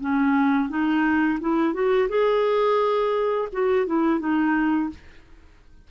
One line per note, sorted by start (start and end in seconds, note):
0.00 0.69 C#4
0.69 1.39 D#4
1.40 1.73 E4
1.73 2.08 F#4
2.09 3.48 G#4
3.52 3.86 F#4
3.86 4.20 E4
4.20 4.89 D#4